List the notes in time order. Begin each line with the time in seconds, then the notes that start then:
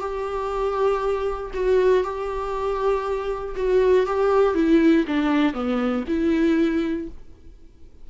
0.00 G4
1.54 F#4
2.04 G4
3.56 F#4
4.07 G4
4.55 E4
5.07 D4
5.54 B3
6.08 E4